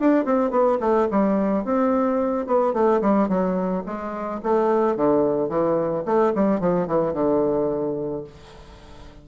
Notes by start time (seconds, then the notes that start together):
0.00 D4
0.25 C4
0.51 B3
0.81 A3
1.11 G3
1.65 C4
2.47 B3
2.74 A3
3.02 G3
3.29 F#3
3.86 G#3
4.43 A3
4.97 D3
5.49 E3
6.06 A3
6.35 G3
6.61 F3
6.88 E3
7.14 D3